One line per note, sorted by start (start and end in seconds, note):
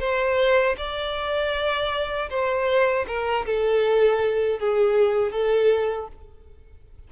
0.00 0.76 C5
0.78 2.30 D5
2.30 3.06 C5
3.08 3.46 A#4
3.46 4.60 A4
4.60 5.32 G#4
5.32 6.08 A4